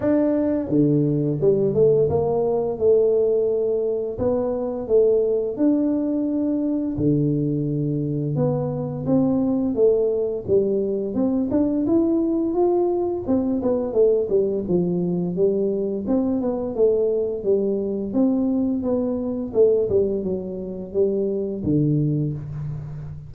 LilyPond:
\new Staff \with { instrumentName = "tuba" } { \time 4/4 \tempo 4 = 86 d'4 d4 g8 a8 ais4 | a2 b4 a4 | d'2 d2 | b4 c'4 a4 g4 |
c'8 d'8 e'4 f'4 c'8 b8 | a8 g8 f4 g4 c'8 b8 | a4 g4 c'4 b4 | a8 g8 fis4 g4 d4 | }